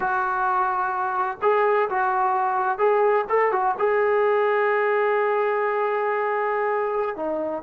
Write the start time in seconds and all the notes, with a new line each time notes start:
0.00 F#4
1.41 G#4
1.89 F#4
2.78 G#4
3.29 A4
3.52 F#4
3.78 G#4
7.15 D#4